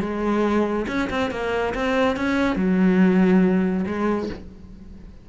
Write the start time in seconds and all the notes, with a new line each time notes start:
0.00 G#3
0.87 C#4
1.09 C4
1.31 A#3
1.74 C4
2.16 C#4
2.56 F#3
3.86 G#3